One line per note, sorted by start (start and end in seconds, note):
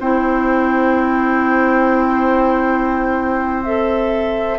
0.00 4.59 C4
0.00 3.65 E4
0.00 4.59 C5
0.00 3.64 G5
3.64 4.59 A4
3.64 4.59 E5